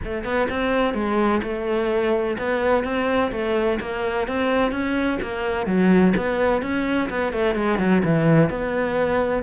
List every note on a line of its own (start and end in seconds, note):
0.04 0.24 A3
0.24 0.47 B3
0.49 0.94 C4
0.94 1.41 G#3
1.42 2.37 A3
2.38 2.84 B3
2.84 3.31 C4
3.31 3.79 A3
3.80 4.27 A#3
4.27 4.71 C4
4.71 5.18 C#4
5.22 5.66 A#3
5.66 6.13 F#3
6.16 6.61 B3
6.61 7.09 C#4
7.09 7.32 B3
7.32 7.55 A3
7.55 7.78 G#3
7.78 8.02 F#3
8.04 8.49 E3
8.49 9.43 B3